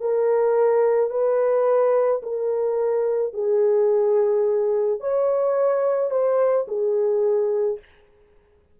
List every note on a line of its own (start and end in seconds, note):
0.00 1.10 A#4
1.10 2.21 B4
2.22 3.33 A#4
3.33 5.00 G#4
5.00 6.11 C#5
6.11 6.66 C5
6.68 7.79 G#4